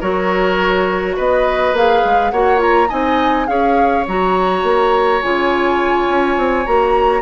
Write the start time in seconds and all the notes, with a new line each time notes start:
0.00 F#3 F#4 A#4 C#5
1.16 B3 B4 D#5
1.73 A#3 G#4 F5
2.04 G#3
2.30 A#3 F#4 C#5 F#5
2.57 F4 A#5
2.88 C4 D#4 D#5 G#5
3.47 C#4 G#4 C#5 F5
4.07 F#3 F#4 A#5
4.63 A#3
5.22 C#3 F4 G#5
6.07 C#4
6.37 C4
6.65 A#3 F#4 A#5